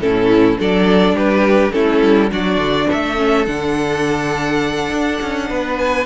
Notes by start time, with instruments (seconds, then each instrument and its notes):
0.00 cello A2, viola C#4, violin E4 A4
0.58 cello F#3, viola D4, violin A4 D5
1.13 cello G3, violin G4 B4
1.71 cello A3, viola C#4, violin E4 A4
2.03 cello G3
2.31 cello F#3, viola D4, violin F#4 D5
2.57 cello D3
2.87 cello A3, violin A4 E5
3.16 viola C#4
3.45 cello D3, viola D4, violin F#5
4.91 cello D4
5.21 cello C#4
5.49 cello B3, violin B4
5.78 violin G#5